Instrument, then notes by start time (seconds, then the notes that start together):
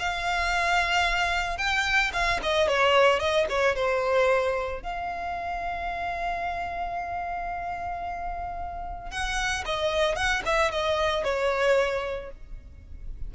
violin
0.00 F5
1.58 G5
2.13 F5
2.43 D#5
2.68 C#5
3.20 D#5
3.50 C#5
3.76 C5
4.83 F5
9.11 F#5
9.66 D#5
10.16 F#5
10.46 E5
10.72 D#5
11.24 C#5